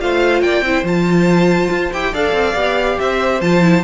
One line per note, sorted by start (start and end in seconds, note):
0.00 0.42 A3
0.00 0.64 F4
0.00 0.43 C5
0.00 0.41 F5
0.41 0.61 A#3
0.41 0.64 D5
0.41 0.84 G5
0.61 0.82 C4
0.61 0.84 E4
0.61 2.12 C5
0.83 1.69 F3
0.83 1.91 F4
0.83 1.93 A5
1.70 1.92 F4
1.93 2.13 E4
1.93 2.13 G4
1.93 2.14 G5
2.12 2.32 D4
2.12 2.55 A4
2.12 2.98 D5
2.12 2.99 F5
2.32 2.54 C4
2.55 2.97 B3
2.55 3.41 G4
2.99 3.41 C4
2.99 3.83 C5
2.99 3.41 E5
3.41 3.83 F3
3.41 3.61 F4
3.41 3.83 A5
3.61 3.83 E4